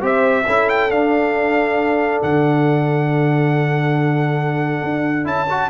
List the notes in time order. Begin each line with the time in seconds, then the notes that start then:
0.00 C4 G4 C5 E5
0.46 C#4 E4 A4
0.69 G5
0.90 D4 F5
2.22 D3 F#5
4.82 D4
5.24 C#4 E4 A5
5.50 F#4